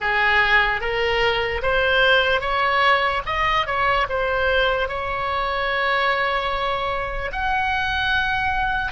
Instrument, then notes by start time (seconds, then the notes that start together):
oboe
0.00 G#4
0.80 A#4
1.62 C5
2.41 C#5
3.26 D#5
3.66 C#5
4.09 C5
4.88 C#5
7.32 F#5